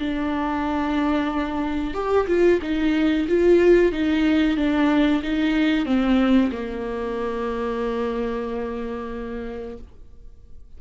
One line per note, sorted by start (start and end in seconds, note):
0.00 1.94 D4
1.94 2.27 G4
2.28 2.60 F4
2.62 3.28 D#4
3.28 3.92 F4
3.92 4.57 D#4
4.57 5.22 D4
5.23 5.86 D#4
5.86 6.51 C4
6.52 9.78 A#3